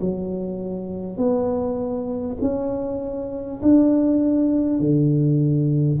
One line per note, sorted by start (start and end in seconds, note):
0.00 1.17 F#3
1.17 2.37 B3
2.41 3.61 C#4
3.62 4.79 D4
4.79 5.99 D3